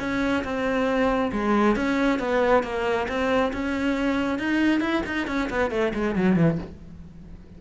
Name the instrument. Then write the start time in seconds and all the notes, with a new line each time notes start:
cello
0.00 C#4
0.44 C4
1.32 G#3
1.76 C#4
2.20 B3
2.64 A#3
3.09 C4
3.53 C#4
4.39 D#4
4.81 E4
5.06 D#4
5.28 C#4
5.50 B3
5.71 A3
5.94 G#3
6.16 F#3
6.36 E3